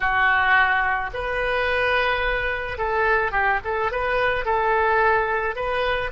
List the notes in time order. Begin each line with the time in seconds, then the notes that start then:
0.00 F#4
1.13 B4
2.78 A4
3.31 G4
3.64 A4
3.91 B4
4.45 A4
5.55 B4